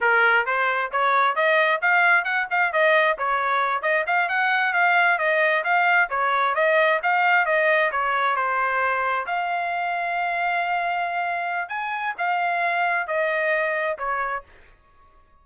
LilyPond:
\new Staff \with { instrumentName = "trumpet" } { \time 4/4 \tempo 4 = 133 ais'4 c''4 cis''4 dis''4 | f''4 fis''8 f''8 dis''4 cis''4~ | cis''8 dis''8 f''8 fis''4 f''4 dis''8~ | dis''8 f''4 cis''4 dis''4 f''8~ |
f''8 dis''4 cis''4 c''4.~ | c''8 f''2.~ f''8~ | f''2 gis''4 f''4~ | f''4 dis''2 cis''4 | }